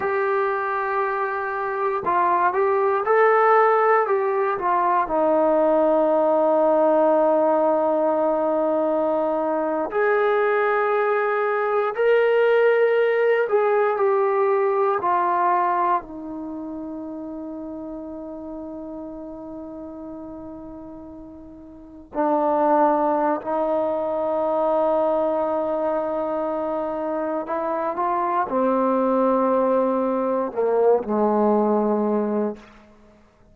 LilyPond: \new Staff \with { instrumentName = "trombone" } { \time 4/4 \tempo 4 = 59 g'2 f'8 g'8 a'4 | g'8 f'8 dis'2.~ | dis'4.~ dis'16 gis'2 ais'16~ | ais'4~ ais'16 gis'8 g'4 f'4 dis'16~ |
dis'1~ | dis'4.~ dis'16 d'4~ d'16 dis'4~ | dis'2. e'8 f'8 | c'2 ais8 gis4. | }